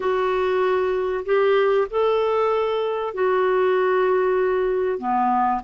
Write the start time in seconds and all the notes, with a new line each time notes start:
0.00 F#4
1.25 G4
1.90 A4
3.14 F#4
4.98 B3